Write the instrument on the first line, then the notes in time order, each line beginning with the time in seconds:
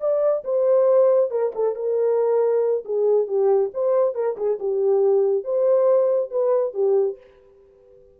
horn
0.00 D5
0.44 C5
1.30 A#4
1.55 A4
1.75 A#4
2.85 G#4
3.27 G4
3.74 C5
4.14 A#4
4.37 G#4
4.59 G4
5.44 C5
6.30 B4
6.74 G4